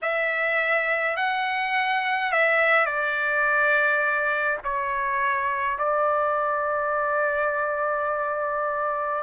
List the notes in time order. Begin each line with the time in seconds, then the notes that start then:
0.02 E5
1.16 F#5
2.31 E5
2.85 D5
4.64 C#5
5.78 D5